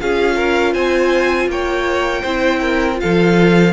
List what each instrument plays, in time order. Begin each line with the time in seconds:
0.00 cello C#4, viola F4, violin G#4 F5
0.36 violin A#4
0.73 cello C4, violin C5 G#5
1.48 cello A#3, violin C#5 G5
2.22 cello C4, viola E4, violin C5
2.60 violin A#4
2.95 viola F4, violin F5
3.02 cello F3, violin A4